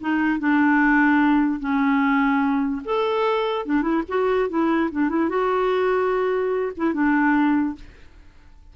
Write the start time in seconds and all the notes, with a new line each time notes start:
0.00 D#4
0.39 D4
1.59 C#4
2.84 A4
3.65 D4
3.82 E4
4.08 F#4
4.49 E4
4.91 D4
5.09 E4
5.29 F#4
6.76 E4
6.94 D4